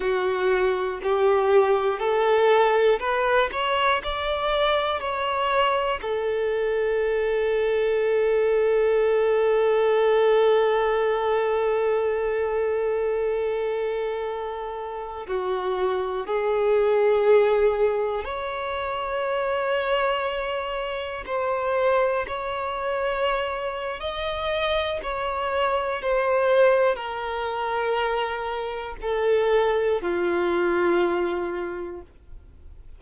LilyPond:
\new Staff \with { instrumentName = "violin" } { \time 4/4 \tempo 4 = 60 fis'4 g'4 a'4 b'8 cis''8 | d''4 cis''4 a'2~ | a'1~ | a'2.~ a'16 fis'8.~ |
fis'16 gis'2 cis''4.~ cis''16~ | cis''4~ cis''16 c''4 cis''4.~ cis''16 | dis''4 cis''4 c''4 ais'4~ | ais'4 a'4 f'2 | }